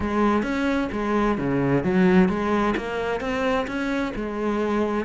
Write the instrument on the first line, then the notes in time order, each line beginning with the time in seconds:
cello
0.00 G#3
0.42 C#4
0.92 G#3
1.37 C#3
1.83 F#3
2.28 G#3
2.76 A#3
3.20 C4
3.67 C#4
4.15 G#3